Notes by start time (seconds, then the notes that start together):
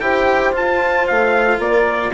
0.00 E4 G4 C5 G5
0.53 F4 A5
1.07 A3 F5
1.59 A#3 A#4 D5